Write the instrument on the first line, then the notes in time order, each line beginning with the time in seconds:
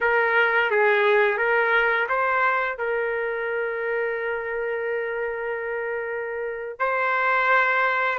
trumpet
0.00 A#4
0.70 G#4
1.37 A#4
2.08 C5
2.77 A#4
6.79 C5